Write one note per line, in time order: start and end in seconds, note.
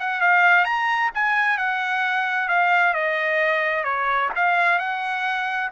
0.00 0.21 F#5
0.21 0.65 F5
0.65 1.11 A#5
1.15 1.58 G#5
1.58 2.49 F#5
2.49 2.94 F5
2.94 3.84 D#5
3.84 4.30 C#5
4.36 4.79 F5
4.79 5.71 F#5